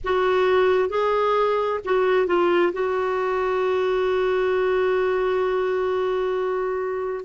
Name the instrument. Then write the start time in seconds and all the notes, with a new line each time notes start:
clarinet
0.03 F#4
0.89 G#4
1.84 F#4
2.26 F4
2.73 F#4